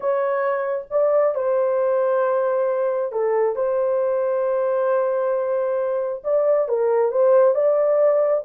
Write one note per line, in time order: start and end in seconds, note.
0.00 0.85 C#5
0.90 1.34 D5
1.34 3.12 C5
3.12 3.55 A4
3.55 6.22 C5
6.23 6.68 D5
6.68 7.11 A#4
7.11 7.55 C5
7.55 8.43 D5